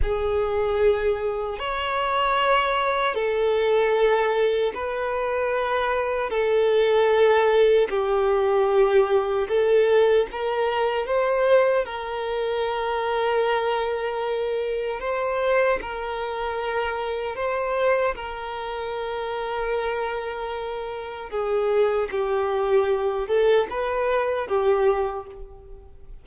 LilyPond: \new Staff \with { instrumentName = "violin" } { \time 4/4 \tempo 4 = 76 gis'2 cis''2 | a'2 b'2 | a'2 g'2 | a'4 ais'4 c''4 ais'4~ |
ais'2. c''4 | ais'2 c''4 ais'4~ | ais'2. gis'4 | g'4. a'8 b'4 g'4 | }